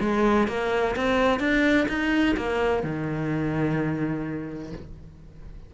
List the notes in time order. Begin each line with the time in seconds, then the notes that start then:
0.00 G#3
0.48 A#3
0.96 C4
1.40 D4
1.88 D#4
2.37 A#3
2.83 D#3